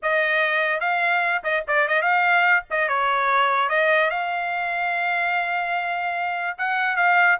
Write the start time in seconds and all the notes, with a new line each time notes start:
0.02 D#5
0.80 F5
1.43 D#5
1.67 D5
1.87 D#5
2.01 F5
2.70 D#5
2.88 C#5
3.69 D#5
4.10 F5
6.58 F#5
6.96 F5